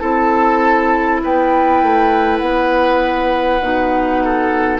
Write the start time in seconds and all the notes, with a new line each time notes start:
0.00 C4 E4 A4 A5
1.24 B3 B4 G5
1.83 A3
2.38 B3 F#5
3.60 B2 D#4
4.24 A4